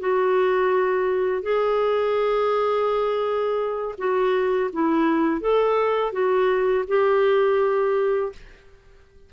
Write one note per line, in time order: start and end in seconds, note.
0.00 1.43 F#4
1.43 3.96 G#4
3.98 4.71 F#4
4.73 5.41 E4
5.41 6.13 A4
6.13 6.85 F#4
6.88 8.33 G4